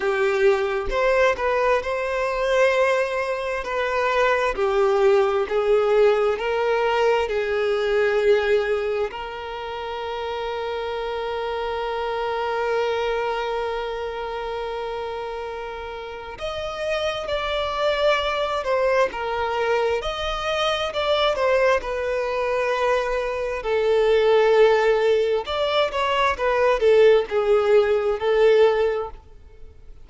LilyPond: \new Staff \with { instrumentName = "violin" } { \time 4/4 \tempo 4 = 66 g'4 c''8 b'8 c''2 | b'4 g'4 gis'4 ais'4 | gis'2 ais'2~ | ais'1~ |
ais'2 dis''4 d''4~ | d''8 c''8 ais'4 dis''4 d''8 c''8 | b'2 a'2 | d''8 cis''8 b'8 a'8 gis'4 a'4 | }